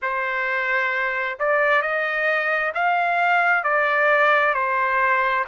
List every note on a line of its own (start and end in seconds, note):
0.02 1.38 C5
1.39 1.82 D5
1.82 2.73 D#5
2.74 3.63 F5
3.63 4.54 D5
4.54 5.45 C5